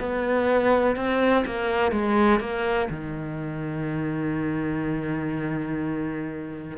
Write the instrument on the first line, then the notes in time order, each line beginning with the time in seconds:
cello
0.00 B3
0.96 C4
1.46 A#3
1.92 G#3
2.41 A#3
2.90 D#3